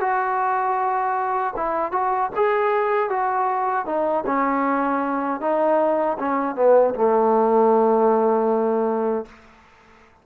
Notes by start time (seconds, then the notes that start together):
0.00 F#4
1.56 E4
1.92 F#4
2.36 G#4
3.10 F#4
3.86 D#4
4.26 C#4
5.40 D#4
6.19 C#4
6.56 B3
6.94 A3